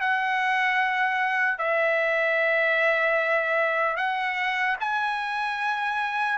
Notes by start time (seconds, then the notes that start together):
0.00 F#5
1.58 E5
3.96 F#5
4.80 G#5